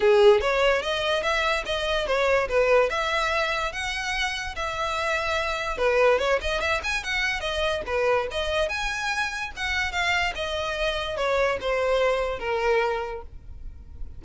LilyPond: \new Staff \with { instrumentName = "violin" } { \time 4/4 \tempo 4 = 145 gis'4 cis''4 dis''4 e''4 | dis''4 cis''4 b'4 e''4~ | e''4 fis''2 e''4~ | e''2 b'4 cis''8 dis''8 |
e''8 gis''8 fis''4 dis''4 b'4 | dis''4 gis''2 fis''4 | f''4 dis''2 cis''4 | c''2 ais'2 | }